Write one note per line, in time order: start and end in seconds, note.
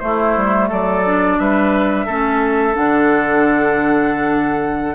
0.00 1.03 A3
0.00 0.37 A3
0.00 0.69 E4
0.00 0.68 C5
0.37 0.71 G3
0.69 1.39 F#3
0.69 1.37 A4
0.69 1.39 D5
1.06 2.08 D4
1.39 2.07 G3
1.39 2.06 B4
1.39 2.76 E5
2.06 2.76 A3
2.06 2.74 C#4
2.06 4.95 A4
2.74 4.95 D3
2.74 4.95 D4
2.74 4.95 F#5